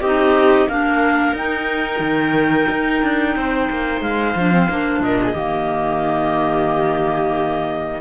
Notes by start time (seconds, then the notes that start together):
0.00 C4 D#4 G4 D#5
0.68 A#3 D4 A#4 F5
1.32 D#4 G5
1.99 D#3
2.69 D#4
3.02 D4
3.35 C4 C5
3.70 A#3
4.01 G#3 F5
4.35 F3 D4
4.51 C4
4.69 A#3 D4
5.00 A#2 A#4 D#5
5.23 G#4
5.34 D#3 A#3 G4